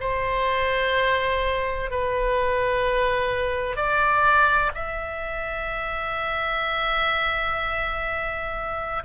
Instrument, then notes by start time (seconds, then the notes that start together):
oboe
0.00 C5
1.90 B4
3.76 D5
4.74 E5